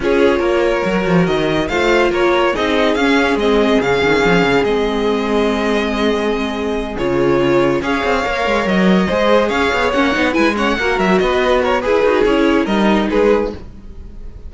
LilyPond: <<
  \new Staff \with { instrumentName = "violin" } { \time 4/4 \tempo 4 = 142 cis''2. dis''4 | f''4 cis''4 dis''4 f''4 | dis''4 f''2 dis''4~ | dis''1~ |
dis''8 cis''2 f''4.~ | f''8 dis''2 f''4 fis''8~ | fis''8 gis''8 fis''4 e''8 dis''4 cis''8 | b'4 cis''4 dis''4 b'4 | }
  \new Staff \with { instrumentName = "violin" } { \time 4/4 gis'4 ais'2. | c''4 ais'4 gis'2~ | gis'1~ | gis'1~ |
gis'2~ gis'8 cis''4.~ | cis''4. c''4 cis''4.~ | cis''8 b'8 cis''8 ais'4 b'4 ais'8 | gis'2 ais'4 gis'4 | }
  \new Staff \with { instrumentName = "viola" } { \time 4/4 f'2 fis'2 | f'2 dis'4 cis'4 | c'4 cis'2 c'4~ | c'1~ |
c'8 f'2 gis'4 ais'8~ | ais'4. gis'2 cis'8 | dis'8 e'8 cis'8 fis'2~ fis'8 | gis'8 fis'8 e'4 dis'2 | }
  \new Staff \with { instrumentName = "cello" } { \time 4/4 cis'4 ais4 fis8 f8 dis4 | a4 ais4 c'4 cis'4 | gis4 cis8 dis8 f8 cis8 gis4~ | gis1~ |
gis8 cis2 cis'8 c'8 ais8 | gis8 fis4 gis4 cis'8 b8 ais8 | b8 gis4 ais8 fis8 b4. | e'8 dis'8 cis'4 g4 gis4 | }
>>